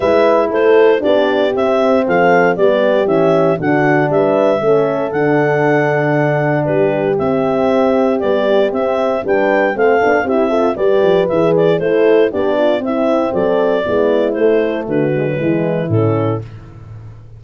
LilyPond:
<<
  \new Staff \with { instrumentName = "clarinet" } { \time 4/4 \tempo 4 = 117 e''4 c''4 d''4 e''4 | f''4 d''4 e''4 fis''4 | e''2 fis''2~ | fis''4 b'4 e''2 |
d''4 e''4 g''4 f''4 | e''4 d''4 e''8 d''8 c''4 | d''4 e''4 d''2 | c''4 b'2 a'4 | }
  \new Staff \with { instrumentName = "horn" } { \time 4/4 b'4 a'4 g'2 | a'4 g'2 fis'4 | b'4 a'2.~ | a'4 g'2.~ |
g'2 b'4 a'4 | g'8 a'8 b'2 a'4 | g'8 f'8 e'4 a'4 e'4~ | e'4 fis'4 e'2 | }
  \new Staff \with { instrumentName = "horn" } { \time 4/4 e'2 d'4 c'4~ | c'4 b4 cis'4 d'4~ | d'4 cis'4 d'2~ | d'2 c'2 |
g4 c'4 d'4 c'8 d'8 | e'8 f'8 g'4 gis'4 e'4 | d'4 c'2 b4 | a4. gis16 fis16 gis4 cis'4 | }
  \new Staff \with { instrumentName = "tuba" } { \time 4/4 gis4 a4 b4 c'4 | f4 g4 e4 d4 | g4 a4 d2~ | d4 g4 c'2 |
b4 c'4 g4 a8 b8 | c'4 g8 f8 e4 a4 | b4 c'4 fis4 gis4 | a4 d4 e4 a,4 | }
>>